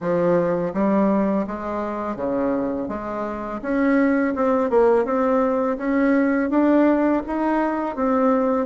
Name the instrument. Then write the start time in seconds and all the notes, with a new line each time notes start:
bassoon
0.00 F3
0.73 G3
1.46 G#3
2.16 C#3
2.88 G#3
3.61 C#4
4.35 C4
4.70 A#3
5.04 C4
5.77 C#4
6.50 D4
7.27 D#4
7.95 C4